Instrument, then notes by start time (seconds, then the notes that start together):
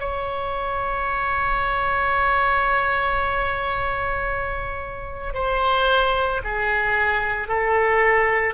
oboe
0.00 C#5
5.35 C5
6.44 G#4
7.49 A4